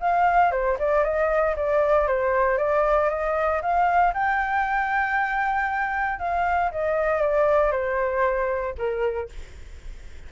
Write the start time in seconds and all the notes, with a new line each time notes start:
0.00 F5
0.51 C5
0.79 D5
1.03 D#5
1.56 D5
2.07 C5
2.58 D5
3.09 D#5
3.62 F5
4.14 G5
6.19 F5
6.71 D#5
7.21 D5
7.71 C5
8.77 A#4